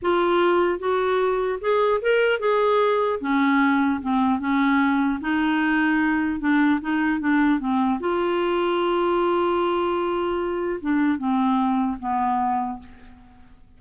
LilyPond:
\new Staff \with { instrumentName = "clarinet" } { \time 4/4 \tempo 4 = 150 f'2 fis'2 | gis'4 ais'4 gis'2 | cis'2 c'4 cis'4~ | cis'4 dis'2. |
d'4 dis'4 d'4 c'4 | f'1~ | f'2. d'4 | c'2 b2 | }